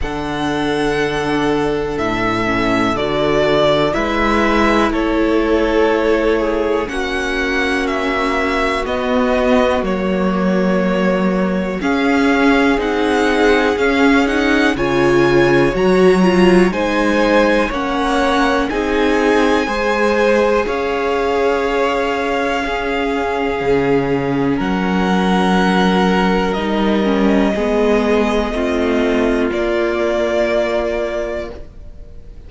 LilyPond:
<<
  \new Staff \with { instrumentName = "violin" } { \time 4/4 \tempo 4 = 61 fis''2 e''4 d''4 | e''4 cis''2 fis''4 | e''4 dis''4 cis''2 | f''4 fis''4 f''8 fis''8 gis''4 |
ais''4 gis''4 fis''4 gis''4~ | gis''4 f''2.~ | f''4 fis''2 dis''4~ | dis''2 d''2 | }
  \new Staff \with { instrumentName = "violin" } { \time 4/4 a'1 | b'4 a'4. gis'8 fis'4~ | fis'1 | gis'2. cis''4~ |
cis''4 c''4 cis''4 gis'4 | c''4 cis''2 gis'4~ | gis'4 ais'2. | gis'4 f'2. | }
  \new Staff \with { instrumentName = "viola" } { \time 4/4 d'2~ d'8 cis'8 fis'4 | e'2. cis'4~ | cis'4 b4 ais2 | cis'4 dis'4 cis'8 dis'8 f'4 |
fis'8 f'8 dis'4 cis'4 dis'4 | gis'2. cis'4~ | cis'2. dis'8 cis'8 | b4 c'4 ais2 | }
  \new Staff \with { instrumentName = "cello" } { \time 4/4 d2 a,4 d4 | gis4 a2 ais4~ | ais4 b4 fis2 | cis'4 c'4 cis'4 cis4 |
fis4 gis4 ais4 c'4 | gis4 cis'2. | cis4 fis2 g4 | gis4 a4 ais2 | }
>>